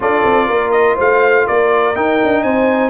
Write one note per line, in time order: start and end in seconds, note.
0.00 0.24 D4
0.00 1.95 F4
0.00 0.47 A4
0.00 0.71 D5
0.25 0.49 C4
0.47 0.97 A#3
0.47 0.95 A#4
0.71 0.95 D#5
0.95 1.48 A3
0.95 1.44 C5
0.95 1.47 F5
1.46 1.96 A#3
1.46 2.43 A#4
1.46 1.95 D5
1.95 2.89 D#4
1.95 2.20 D#4
1.95 2.43 G5
2.23 2.43 D4
2.43 2.89 C4
2.43 2.89 C5
2.43 2.89 G#5